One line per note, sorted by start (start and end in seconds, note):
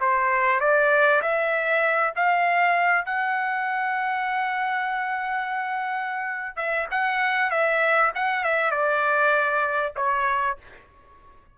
0.00 0.60 C5
0.60 1.21 D5
1.21 2.13 E5
2.16 3.05 F5
3.05 6.56 F#5
6.56 6.87 E5
6.91 7.50 F#5
7.50 8.12 E5
8.15 8.44 F#5
8.44 8.71 E5
8.71 9.93 D5
9.96 10.57 C#5